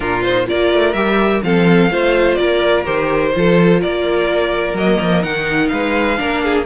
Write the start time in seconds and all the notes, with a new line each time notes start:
0.00 A#2 D4 F4 A#4
0.23 D#4 C5
0.46 A#3 F4 A#4 D5
0.73 A3
0.93 G3 G4 E5
1.42 F3 C4 A4 F5
1.90 A3 F4 C5
2.34 A#3 A#4 D5
2.85 D#3 G4 C5
3.34 F3 F4 A4
3.80 A#3 A#4 D5
4.73 F#3 A#3 D#5
5.00 F3
5.22 D#3 D#4 F#5
5.67 G#3 B4 F5
6.17 A#3 D4 A#4
6.44 G#4